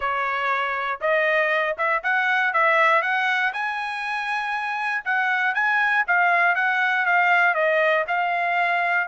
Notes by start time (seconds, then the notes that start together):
0.00 C#5
1.01 D#5
1.77 E5
2.03 F#5
2.53 E5
3.02 F#5
3.53 G#5
5.04 F#5
5.54 G#5
6.07 F5
6.55 F#5
7.05 F5
7.54 D#5
8.07 F5